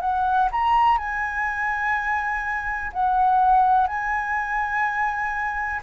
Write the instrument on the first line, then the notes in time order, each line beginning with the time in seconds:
flute
0.00 F#5
0.51 A#5
0.98 G#5
2.93 F#5
3.87 G#5